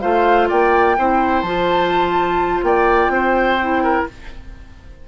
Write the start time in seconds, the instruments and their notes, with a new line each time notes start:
0.00 bassoon A3, clarinet F4, oboe C5, flute F5
0.49 bassoon A#3, oboe D5, flute G5
0.98 bassoon C4, clarinet E4, oboe C5
1.42 bassoon F3, clarinet F4, flute A5
2.62 bassoon A#3, oboe D5, flute G5
3.08 bassoon C4, oboe C5
3.60 clarinet E4
3.83 oboe A#4